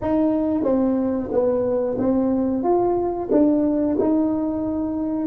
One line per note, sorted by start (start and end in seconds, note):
0.01 0.63 D#4
0.63 1.29 C4
1.31 1.97 B3
1.98 2.63 C4
2.63 3.29 F4
3.31 3.97 D4
3.99 5.26 D#4